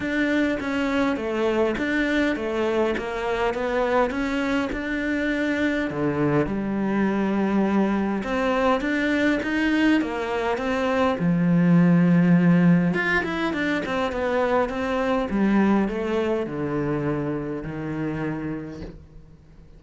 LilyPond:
\new Staff \with { instrumentName = "cello" } { \time 4/4 \tempo 4 = 102 d'4 cis'4 a4 d'4 | a4 ais4 b4 cis'4 | d'2 d4 g4~ | g2 c'4 d'4 |
dis'4 ais4 c'4 f4~ | f2 f'8 e'8 d'8 c'8 | b4 c'4 g4 a4 | d2 dis2 | }